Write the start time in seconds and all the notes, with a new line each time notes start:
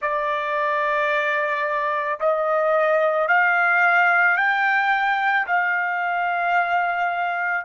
0.01 D5
2.20 D#5
3.28 F5
4.37 G5
5.46 F5